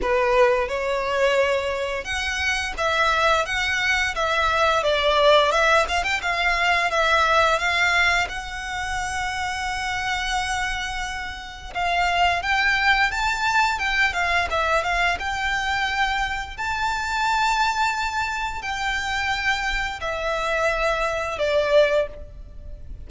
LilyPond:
\new Staff \with { instrumentName = "violin" } { \time 4/4 \tempo 4 = 87 b'4 cis''2 fis''4 | e''4 fis''4 e''4 d''4 | e''8 f''16 g''16 f''4 e''4 f''4 | fis''1~ |
fis''4 f''4 g''4 a''4 | g''8 f''8 e''8 f''8 g''2 | a''2. g''4~ | g''4 e''2 d''4 | }